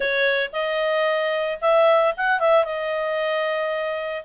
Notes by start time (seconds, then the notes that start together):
0.00 C#5
0.52 D#5
1.61 E5
2.16 F#5
2.39 E5
2.64 D#5